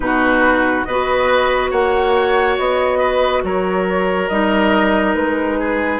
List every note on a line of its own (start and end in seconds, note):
0.00 0.84 B2
0.00 0.86 D#4
0.00 0.87 F#4
0.00 0.84 B4
0.84 1.72 B3
0.84 4.31 F#4
0.84 1.71 B4
0.84 1.70 D#5
1.71 2.57 A#3
1.71 2.98 C#5
1.71 2.57 F#5
2.58 3.43 B3
2.58 3.43 D#5
2.98 3.41 B4
3.43 4.29 F#3
3.43 5.59 A#4
3.43 4.28 C#5
4.28 5.15 G3
4.28 5.99 D#4
4.28 5.14 D#5
5.14 5.99 G#3
5.14 5.99 B4
5.59 5.99 G#4